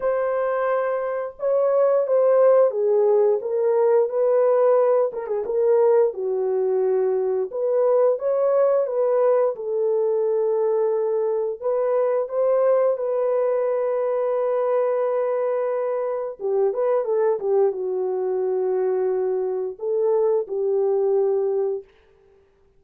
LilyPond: \new Staff \with { instrumentName = "horn" } { \time 4/4 \tempo 4 = 88 c''2 cis''4 c''4 | gis'4 ais'4 b'4. ais'16 gis'16 | ais'4 fis'2 b'4 | cis''4 b'4 a'2~ |
a'4 b'4 c''4 b'4~ | b'1 | g'8 b'8 a'8 g'8 fis'2~ | fis'4 a'4 g'2 | }